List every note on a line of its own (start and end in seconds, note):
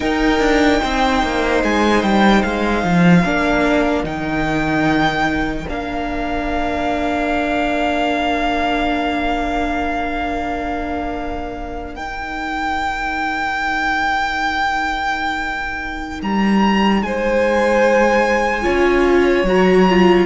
0.00 3.23 D#4
0.00 0.39 D#4
0.00 0.80 A#4
0.00 1.61 G5
0.39 0.80 D4
0.82 1.23 C4
0.82 3.23 C5
1.23 1.63 A#3
1.63 2.02 G#3
1.63 2.02 G#5
2.02 2.43 G3
2.02 2.42 G5
2.42 2.83 G#3
2.42 4.04 F5
2.83 3.24 F3
3.23 4.03 A#3
3.23 4.03 D4
3.23 17.01 A#4
4.03 5.65 D#3
4.03 5.66 D#4
4.03 5.67 G5
5.68 11.96 A#3
5.68 11.95 D4
5.68 11.95 F5
11.95 18.62 D#4
11.95 16.22 D#4
11.95 16.20 G5
16.22 17.02 G3
16.22 17.03 A#5
17.02 18.64 G#3
17.02 18.63 C5
17.02 19.46 G#5
18.62 19.43 C#4
18.62 19.44 F4
18.62 20.25 C#5
19.43 20.24 F#3
19.43 19.88 F#4
19.43 20.26 A#5
19.89 20.26 F4